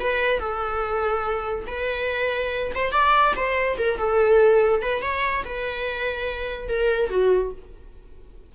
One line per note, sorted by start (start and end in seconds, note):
0.00 0.39 B4
0.39 1.65 A4
1.67 2.72 B4
2.75 2.92 C5
2.92 3.34 D5
3.36 3.78 C5
3.78 3.98 A#4
3.98 4.82 A4
4.82 5.02 B4
5.02 5.44 C#5
5.45 6.69 B4
6.69 7.10 A#4
7.10 7.52 F#4